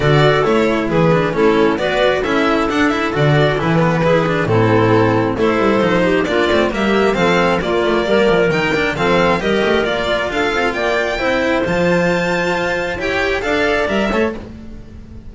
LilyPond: <<
  \new Staff \with { instrumentName = "violin" } { \time 4/4 \tempo 4 = 134 d''4 cis''4 b'4 a'4 | d''4 e''4 fis''8 e''8 d''4 | b'2 a'2 | c''2 d''4 e''4 |
f''4 d''2 g''4 | f''4 dis''4 d''4 f''4 | g''2 a''2~ | a''4 g''4 f''4 e''4 | }
  \new Staff \with { instrumentName = "clarinet" } { \time 4/4 a'2 gis'4 e'4 | b'4 a'2.~ | a'4 gis'4 e'2 | a'4. g'8 f'4 g'4 |
a'4 f'4 ais'2 | a'4 ais'2 a'4 | d''4 c''2.~ | c''4 cis''4 d''4. cis''8 | }
  \new Staff \with { instrumentName = "cello" } { \time 4/4 fis'4 e'4. d'8 cis'4 | fis'4 e'4 d'8 e'8 fis'4 | e'8 b8 e'8 d'8 c'2 | e'4 dis'4 d'8 c'8 ais4 |
c'4 ais2 dis'8 d'8 | c'4 g'4 f'2~ | f'4 e'4 f'2~ | f'4 g'4 a'4 ais'8 a'8 | }
  \new Staff \with { instrumentName = "double bass" } { \time 4/4 d4 a4 e4 a4 | b4 cis'4 d'4 d4 | e2 a,2 | a8 g8 f4 ais8 a8 g4 |
f4 ais8 a8 g8 f8 dis4 | f4 g8 a8 ais4 d'8 c'8 | ais4 c'4 f2 | f'4 e'4 d'4 g8 a8 | }
>>